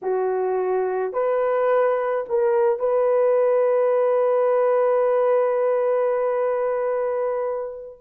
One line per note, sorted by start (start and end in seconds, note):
0.02 1.12 F#4
1.12 2.24 B4
2.28 2.79 A#4
2.79 7.98 B4